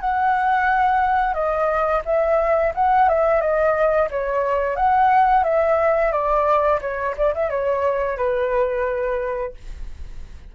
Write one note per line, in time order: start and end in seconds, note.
0.00 1.34 F#5
1.34 2.02 D#5
2.05 2.73 E5
2.75 3.08 F#5
3.08 3.40 E5
3.40 4.08 D#5
4.10 4.76 C#5
4.76 5.43 F#5
5.43 6.11 E5
6.11 6.80 D5
6.81 7.15 C#5
7.17 7.34 D5
7.34 7.49 E5
7.49 8.17 C#5
8.17 9.53 B4